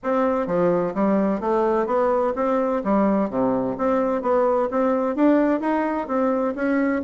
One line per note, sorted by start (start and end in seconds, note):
0.03 0.46 C4
0.46 0.93 F3
0.94 1.40 G3
1.40 1.86 A3
1.86 2.33 B3
2.35 2.82 C4
2.84 3.30 G3
3.30 3.76 C3
3.77 4.22 C4
4.22 4.69 B3
4.70 5.15 C4
5.15 5.60 D4
5.60 6.07 D#4
6.07 6.54 C4
6.55 7.02 C#4